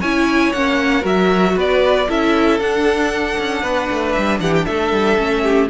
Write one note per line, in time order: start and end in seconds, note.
0.00 0.53 C#4
0.00 0.55 E4
0.00 1.01 C#5
0.00 0.52 G#5
0.52 1.04 A#3
0.52 1.01 C#4
0.52 1.04 F#5
1.01 1.56 F#3
1.01 2.05 F#4
1.01 1.53 A#4
1.01 1.57 E5
1.56 2.07 B3
1.56 2.08 B4
1.56 2.10 D5
2.08 2.59 C#4
2.08 2.60 E4
2.08 3.62 A4
2.08 2.59 E5
2.59 3.36 D4
2.59 5.17 D4
2.59 4.12 F#5
3.38 3.62 C#4
3.62 3.88 B3
3.62 4.40 B4
3.90 4.16 A3
4.12 4.40 G3
4.12 4.38 E5
4.40 4.66 E3
4.40 4.66 G4
4.40 4.53 F#5
4.55 4.64 G5
4.64 4.92 A3
4.64 5.43 A4
4.64 5.68 E5
4.92 5.18 G3
5.17 5.70 A3
5.17 5.69 C#4
5.43 5.69 G4